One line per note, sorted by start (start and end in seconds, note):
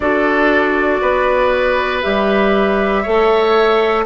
0.00 0.99 D4
0.00 2.02 F#4
0.00 1.01 A4
0.00 2.01 D5
1.01 2.03 B3
1.01 3.02 B4
2.02 3.06 G3
2.02 3.04 G4
2.02 4.05 E5
3.02 4.05 A3
3.02 4.05 A4
3.02 4.04 C#5